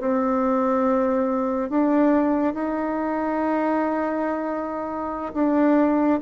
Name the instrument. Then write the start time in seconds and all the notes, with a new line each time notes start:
bassoon
0.00 C4
1.70 D4
2.54 D#4
5.34 D4